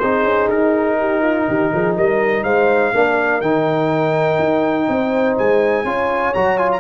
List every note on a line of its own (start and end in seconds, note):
0.00 0.24 C4
0.00 2.95 D#4
0.00 0.98 G#4
0.00 0.49 C5
0.24 0.48 C#4
0.50 1.47 D#4
0.50 1.97 A#4
1.00 1.22 G4
1.22 1.47 F4
1.49 1.73 D#3
1.49 1.73 G4
1.74 1.98 F3
1.74 1.96 G#4
1.96 2.44 G3
1.96 2.44 A#4
1.96 2.44 D#5
2.44 2.93 G#3
2.44 2.93 C5
2.44 3.42 F5
2.94 3.42 A#3
2.94 3.43 D4
2.94 4.90 A#4
3.42 4.39 D#3
3.42 5.86 D#4
3.42 5.37 G5
4.39 4.88 D#4
4.89 5.38 C4
4.89 5.86 C5
5.38 5.85 G#3
5.38 6.34 G#5
5.85 6.33 C#4
5.85 6.35 F4
5.85 6.80 C#5
6.34 6.80 F#3
6.34 6.58 F#4
6.34 6.58 A#5
6.58 6.80 F4
6.58 6.70 G#5
6.73 6.80 A#5